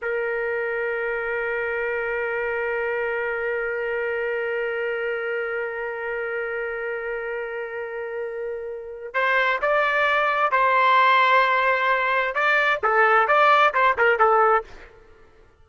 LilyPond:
\new Staff \with { instrumentName = "trumpet" } { \time 4/4 \tempo 4 = 131 ais'1~ | ais'1~ | ais'1~ | ais'1~ |
ais'1 | c''4 d''2 c''4~ | c''2. d''4 | a'4 d''4 c''8 ais'8 a'4 | }